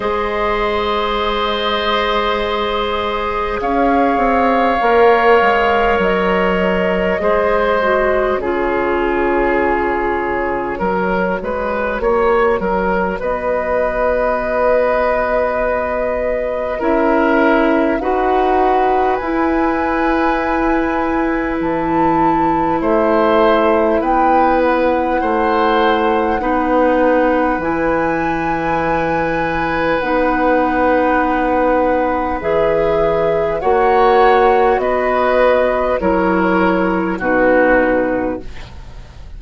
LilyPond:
<<
  \new Staff \with { instrumentName = "flute" } { \time 4/4 \tempo 4 = 50 dis''2. f''4~ | f''4 dis''2 cis''4~ | cis''2. dis''4~ | dis''2 e''4 fis''4 |
gis''2 a''4 e''4 | g''8 fis''2~ fis''8 gis''4~ | gis''4 fis''2 e''4 | fis''4 dis''4 cis''4 b'4 | }
  \new Staff \with { instrumentName = "oboe" } { \time 4/4 c''2. cis''4~ | cis''2 c''4 gis'4~ | gis'4 ais'8 b'8 cis''8 ais'8 b'4~ | b'2 ais'4 b'4~ |
b'2. c''4 | b'4 c''4 b'2~ | b'1 | cis''4 b'4 ais'4 fis'4 | }
  \new Staff \with { instrumentName = "clarinet" } { \time 4/4 gis'1 | ais'2 gis'8 fis'8 f'4~ | f'4 fis'2.~ | fis'2 e'4 fis'4 |
e'1~ | e'2 dis'4 e'4~ | e'4 dis'2 gis'4 | fis'2 e'4 dis'4 | }
  \new Staff \with { instrumentName = "bassoon" } { \time 4/4 gis2. cis'8 c'8 | ais8 gis8 fis4 gis4 cis4~ | cis4 fis8 gis8 ais8 fis8 b4~ | b2 cis'4 dis'4 |
e'2 e4 a4 | b4 a4 b4 e4~ | e4 b2 e4 | ais4 b4 fis4 b,4 | }
>>